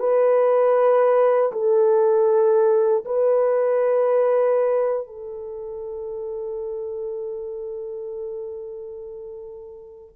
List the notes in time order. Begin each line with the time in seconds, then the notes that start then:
0.00 B4
1.53 A4
3.05 B4
5.08 A4